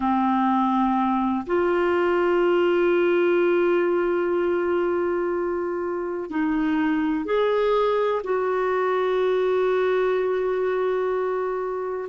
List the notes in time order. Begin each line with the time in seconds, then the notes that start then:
0.00 C4
1.46 F4
6.29 D#4
7.25 G#4
8.23 F#4